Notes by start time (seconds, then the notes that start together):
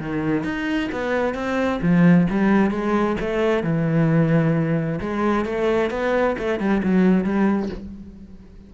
0.00 D#3
0.45 D#4
0.93 B3
1.35 C4
1.82 F3
2.30 G3
2.71 G#3
3.21 A3
3.64 E3
5.01 G#3
5.45 A3
5.91 B3
6.39 A3
6.60 G3
6.83 F#3
7.24 G3